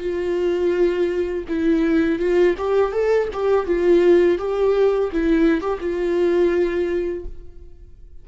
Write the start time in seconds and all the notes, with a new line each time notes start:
0.00 F4
1.48 E4
2.19 F4
2.58 G4
2.92 A4
3.33 G4
3.66 F4
4.38 G4
5.12 E4
5.61 G4
5.80 F4